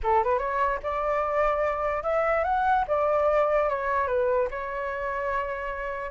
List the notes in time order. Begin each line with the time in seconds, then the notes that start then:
0.03 A4
0.23 B4
0.38 C#5
0.83 D5
2.03 E5
2.44 F#5
2.87 D5
3.69 C#5
4.07 B4
4.51 C#5